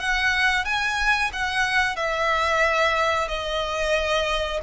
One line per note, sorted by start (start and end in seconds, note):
0.00 0.65 F#5
0.65 1.31 G#5
1.33 1.96 F#5
1.96 3.28 E5
3.28 4.60 D#5